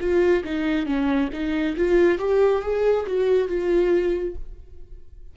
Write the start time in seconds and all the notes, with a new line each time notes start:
0.00 F4
0.44 D#4
0.86 C#4
1.32 D#4
1.76 F4
2.18 G4
2.62 G#4
3.06 F#4
3.48 F4